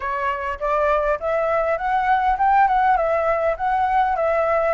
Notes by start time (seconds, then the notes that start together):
0.00 C#5
0.59 D5
1.20 E5
1.77 F#5
2.38 G5
2.67 F#5
2.96 E5
3.56 F#5
4.16 E5